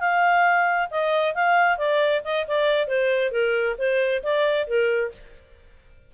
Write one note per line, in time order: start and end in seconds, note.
0.00 0.89 F5
0.91 1.35 D#5
1.35 1.78 F5
1.78 2.22 D5
2.24 2.47 D#5
2.47 2.87 D5
2.87 3.31 C5
3.31 3.76 A#4
3.78 4.23 C5
4.23 4.67 D5
4.67 5.12 A#4